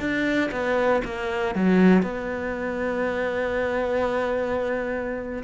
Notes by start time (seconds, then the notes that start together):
0.00 D4
0.52 B3
1.05 A#3
1.55 F#3
2.03 B3